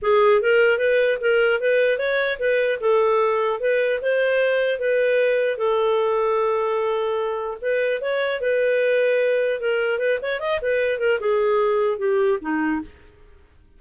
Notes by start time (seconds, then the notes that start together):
0.01 G#4
0.41 A#4
0.78 B4
1.21 A#4
1.60 B4
1.98 C#5
2.39 B4
2.80 A4
3.59 B4
4.01 C5
4.79 B4
5.57 A4
7.61 B4
8.01 C#5
8.40 B4
9.60 A#4
9.99 B4
10.22 C#5
10.39 D#5
10.61 B4
10.99 A#4
11.19 G#4
11.98 G4
12.41 D#4